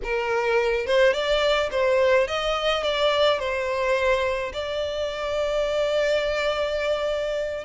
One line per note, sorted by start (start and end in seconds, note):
0.03 0.86 A#4
0.86 1.13 C5
1.13 1.69 D5
1.71 2.27 C5
2.27 2.83 D#5
2.83 3.39 D5
3.39 4.52 C5
4.53 7.64 D5